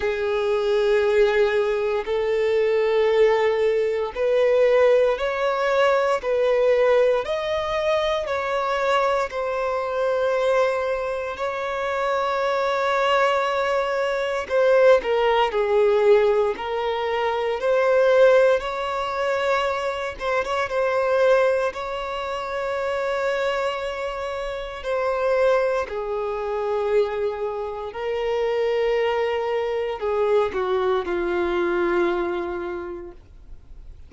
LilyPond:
\new Staff \with { instrumentName = "violin" } { \time 4/4 \tempo 4 = 58 gis'2 a'2 | b'4 cis''4 b'4 dis''4 | cis''4 c''2 cis''4~ | cis''2 c''8 ais'8 gis'4 |
ais'4 c''4 cis''4. c''16 cis''16 | c''4 cis''2. | c''4 gis'2 ais'4~ | ais'4 gis'8 fis'8 f'2 | }